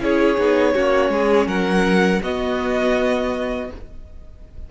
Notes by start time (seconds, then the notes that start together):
0.00 C#4 E4 G#4 C#5
0.38 B3 D#4
0.75 A#3 C#4 F#4
1.09 G#3 G#4
1.47 F#3 A#4 F#5
2.23 B3 F#4 D#5